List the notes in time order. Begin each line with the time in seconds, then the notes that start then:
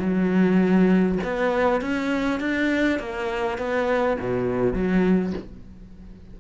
0.00 F#3
1.24 B3
1.81 C#4
2.41 D4
3.00 A#3
3.58 B3
4.20 B2
4.74 F#3